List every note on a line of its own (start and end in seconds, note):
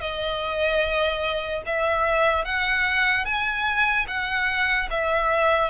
0.00 1.62 D#5
1.66 2.45 E5
2.45 3.25 F#5
3.25 4.06 G#5
4.08 4.89 F#5
4.90 5.70 E5